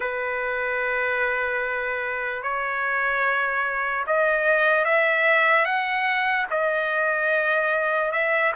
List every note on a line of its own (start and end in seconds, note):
0.00 2.42 B4
2.42 4.04 C#5
4.07 4.84 D#5
4.84 5.65 E5
5.65 6.46 F#5
6.50 8.12 D#5
8.12 8.52 E5